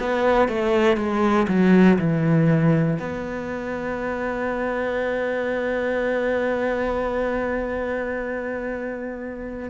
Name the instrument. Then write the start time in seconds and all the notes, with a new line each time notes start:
cello
0.00 B3
0.48 A3
0.97 G#3
1.48 F#3
1.98 E3
2.99 B3